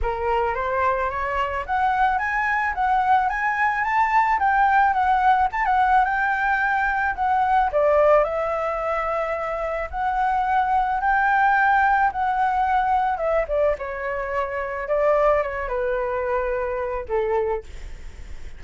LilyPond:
\new Staff \with { instrumentName = "flute" } { \time 4/4 \tempo 4 = 109 ais'4 c''4 cis''4 fis''4 | gis''4 fis''4 gis''4 a''4 | g''4 fis''4 a''16 fis''8. g''4~ | g''4 fis''4 d''4 e''4~ |
e''2 fis''2 | g''2 fis''2 | e''8 d''8 cis''2 d''4 | cis''8 b'2~ b'8 a'4 | }